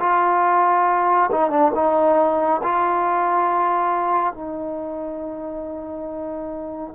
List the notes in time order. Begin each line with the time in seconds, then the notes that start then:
0.00 F4
1.32 D#4
1.50 D4
1.75 D#4
2.63 F4
4.34 D#4